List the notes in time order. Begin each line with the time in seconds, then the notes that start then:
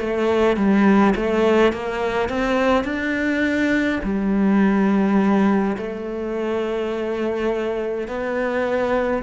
0.00 A3
0.57 G3
1.16 A3
1.73 A#3
2.29 C4
2.85 D4
4.04 G3
5.77 A3
8.08 B3